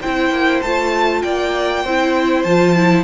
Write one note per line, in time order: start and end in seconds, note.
0.00 0.30 C4
0.00 0.64 E4
0.00 1.21 C5
0.00 0.62 G5
0.30 0.60 A#3
0.62 1.23 A3
0.62 1.86 F4
0.62 1.22 A5
1.22 1.84 A#3
1.22 1.84 D5
1.22 2.43 G5
1.84 2.44 C4
1.84 2.46 E4
1.84 3.04 C5
2.43 3.04 F3
2.43 2.76 F4
2.43 3.04 A5
2.76 3.04 E4